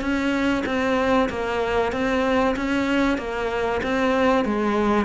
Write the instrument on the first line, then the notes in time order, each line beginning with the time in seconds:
cello
0.00 C#4
0.65 C4
1.29 A#3
1.92 C4
2.56 C#4
3.18 A#3
3.83 C4
4.45 G#3